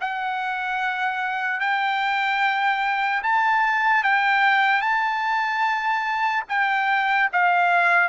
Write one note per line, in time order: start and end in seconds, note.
0.00 1.60 F#5
1.60 3.22 G5
3.22 4.03 A5
4.03 4.81 G5
4.81 6.43 A5
6.48 7.29 G5
7.32 8.08 F5